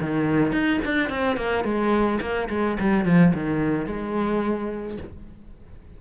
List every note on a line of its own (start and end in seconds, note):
0.00 0.52 D#3
0.52 0.79 D#4
0.85 1.09 D4
1.09 1.36 C4
1.36 1.64 A#3
1.64 2.19 G#3
2.20 2.48 A#3
2.49 2.77 G#3
2.79 3.05 G3
3.05 3.32 F3
3.33 3.86 D#3
3.86 4.97 G#3